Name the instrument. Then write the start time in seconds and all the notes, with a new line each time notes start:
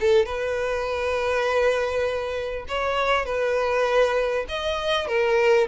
violin
0.00 A4
0.25 B4
2.68 C#5
3.25 B4
4.48 D#5
5.07 A#4